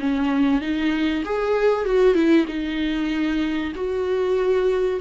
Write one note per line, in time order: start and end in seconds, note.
0.00 0.62 C#4
0.62 1.24 D#4
1.26 1.86 G#4
1.86 2.15 F#4
2.15 2.46 E4
2.48 3.73 D#4
3.76 5.01 F#4